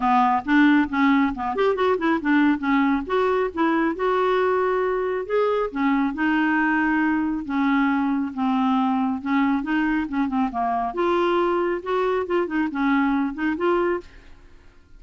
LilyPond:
\new Staff \with { instrumentName = "clarinet" } { \time 4/4 \tempo 4 = 137 b4 d'4 cis'4 b8 g'8 | fis'8 e'8 d'4 cis'4 fis'4 | e'4 fis'2. | gis'4 cis'4 dis'2~ |
dis'4 cis'2 c'4~ | c'4 cis'4 dis'4 cis'8 c'8 | ais4 f'2 fis'4 | f'8 dis'8 cis'4. dis'8 f'4 | }